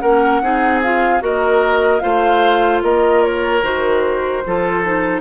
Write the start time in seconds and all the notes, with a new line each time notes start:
0.00 A#3 C#4 A#4 F#5
0.42 C4 D#4 G#4
0.83 F4 F5
1.20 A#3 F#4 A#4 D#5
2.00 A3 F4 C5 F5
2.83 A#3 A#4 D#5
3.24 C#5
3.63 D#3 F#4 C5
4.46 F3 F4 A4
4.84 D#4